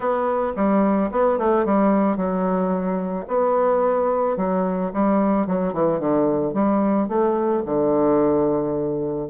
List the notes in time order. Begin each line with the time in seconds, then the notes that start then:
0.00 B3
0.56 G3
1.11 B3
1.38 A3
1.65 G3
2.16 F#3
3.27 B3
4.37 F#3
4.93 G3
5.46 F#3
5.73 E3
5.99 D3
6.53 G3
7.08 A3
7.65 D3